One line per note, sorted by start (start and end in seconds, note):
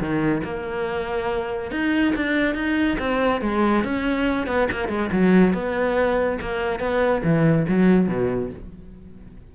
0.00 0.43 D#3
0.45 1.72 A#3
1.72 2.14 D#4
2.16 2.55 D4
2.55 2.98 D#4
3.00 3.42 C4
3.42 3.85 G#3
3.85 4.47 C#4
4.47 4.68 B3
4.72 4.89 A#3
4.89 5.10 G#3
5.13 5.54 F#3
5.54 6.39 B3
6.42 6.80 A#3
6.80 7.23 B3
7.24 7.67 E3
7.69 8.08 F#3
8.08 8.51 B2